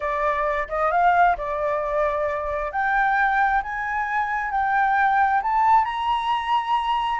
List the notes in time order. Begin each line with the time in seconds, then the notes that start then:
0.00 D5
0.68 D#5
0.91 F5
1.37 D5
2.71 G5
3.62 G#5
4.51 G5
5.42 A5
5.84 A#5